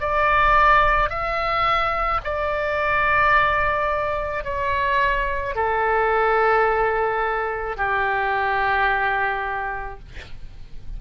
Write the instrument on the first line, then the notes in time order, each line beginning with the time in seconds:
oboe
0.00 D5
1.10 E5
2.24 D5
4.44 C#5
5.55 A4
7.77 G4